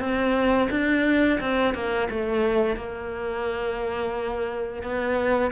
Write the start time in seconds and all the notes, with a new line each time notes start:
0.00 C4
0.71 D4
1.40 C4
1.74 A#3
2.11 A3
2.76 A#3
4.83 B3